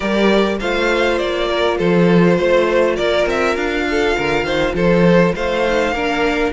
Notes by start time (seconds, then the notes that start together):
0.00 G3 G4 A#4 D5
0.59 A3 F4 C5 F5
1.18 A#3 D5
1.48 A#4
1.78 F3 A4 C5
2.37 A3 C5
2.96 A#3 A#4 D5
3.26 C4 E5
3.55 D4 F5
3.90 A4
4.16 D3 A#4
4.43 D#3 C5
4.73 F3 A4 C5
5.35 A3 C5 F5
5.65 D#4
5.91 A#3 D4 A#4